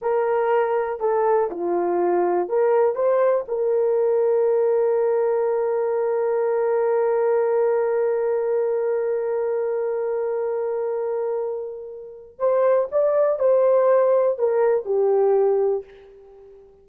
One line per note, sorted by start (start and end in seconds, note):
0.01 1.00 A#4
1.00 1.49 A4
1.50 2.49 F4
2.49 2.95 A#4
2.95 3.44 C5
3.48 12.38 A#4
12.38 12.88 C5
12.91 13.39 D5
13.39 14.38 C5
14.38 14.85 A#4
14.85 15.84 G4